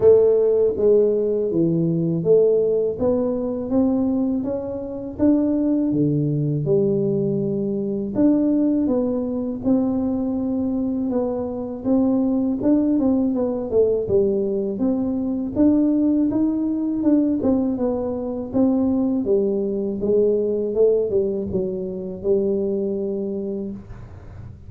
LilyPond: \new Staff \with { instrumentName = "tuba" } { \time 4/4 \tempo 4 = 81 a4 gis4 e4 a4 | b4 c'4 cis'4 d'4 | d4 g2 d'4 | b4 c'2 b4 |
c'4 d'8 c'8 b8 a8 g4 | c'4 d'4 dis'4 d'8 c'8 | b4 c'4 g4 gis4 | a8 g8 fis4 g2 | }